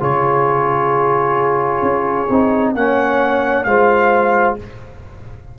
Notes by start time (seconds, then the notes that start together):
0.00 C#3 F4 G#4 C#5
1.82 C#4
2.30 C4 D#4
2.75 A#3 C#4 C#5 F#5
3.64 G#3 F4 C5 F5